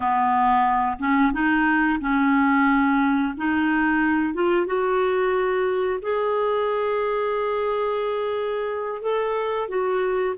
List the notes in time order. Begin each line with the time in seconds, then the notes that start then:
0.00 B3
0.99 C#4
1.32 D#4
2.00 C#4
3.37 D#4
4.33 F4
4.66 F#4
6.02 G#4
9.01 A4
9.68 F#4